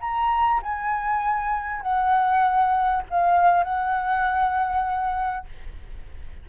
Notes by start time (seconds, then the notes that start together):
0.00 A#5
0.62 G#5
1.81 F#5
3.10 F5
3.63 F#5